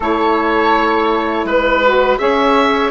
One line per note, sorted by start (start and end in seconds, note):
0.00 1.44 A3
0.00 1.84 E4
0.00 1.45 A4
0.00 1.46 C#5
1.44 2.17 G#3
1.44 2.18 B4
1.44 2.20 B4
1.86 2.18 F#4
2.18 2.91 C#4
2.18 2.91 G#4
2.18 2.91 C#5
2.18 2.91 E5